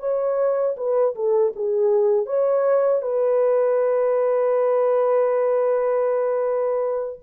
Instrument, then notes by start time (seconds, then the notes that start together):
horn
0.00 C#5
0.77 B4
1.16 A4
1.56 G#4
2.26 C#5
3.02 B4